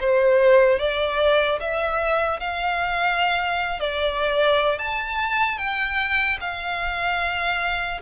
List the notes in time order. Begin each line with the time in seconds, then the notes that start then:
0.00 C5
0.79 D5
1.60 E5
2.40 F5
3.80 D5
4.79 A5
5.57 G5
6.40 F5